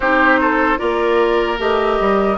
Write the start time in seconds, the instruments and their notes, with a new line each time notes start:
0.00 bassoon C4, clarinet D#4, oboe G4, flute C5
0.40 oboe A4
0.77 bassoon A#3, clarinet F4, oboe A#4, flute D5
1.58 bassoon A3, clarinet G4, flute D#5
2.00 bassoon G3